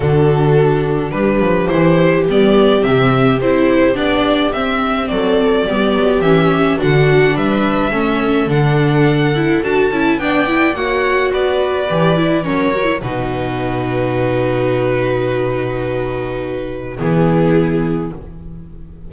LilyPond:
<<
  \new Staff \with { instrumentName = "violin" } { \time 4/4 \tempo 4 = 106 a'2 b'4 c''4 | d''4 e''4 c''4 d''4 | e''4 d''2 e''4 | fis''4 e''2 fis''4~ |
fis''4 a''4 g''4 fis''4 | d''2 cis''4 b'4~ | b'1~ | b'2 gis'2 | }
  \new Staff \with { instrumentName = "viola" } { \time 4/4 fis'2 g'2~ | g'1~ | g'4 a'4 g'2 | fis'4 b'4 a'2~ |
a'2 d''4 cis''4 | b'2 ais'4 fis'4~ | fis'1~ | fis'2 e'2 | }
  \new Staff \with { instrumentName = "viola" } { \time 4/4 d'2. e'4 | b4 c'4 e'4 d'4 | c'2 b4 cis'4 | d'2 cis'4 d'4~ |
d'8 e'8 fis'8 e'8 d'8 e'8 fis'4~ | fis'4 g'8 e'8 cis'8 fis'16 e'16 dis'4~ | dis'1~ | dis'2 b2 | }
  \new Staff \with { instrumentName = "double bass" } { \time 4/4 d2 g8 f8 e4 | g4 c4 c'4 b4 | c'4 fis4 g8 fis8 e4 | d4 g4 a4 d4~ |
d4 d'8 cis'8 b4 ais4 | b4 e4 fis4 b,4~ | b,1~ | b,2 e2 | }
>>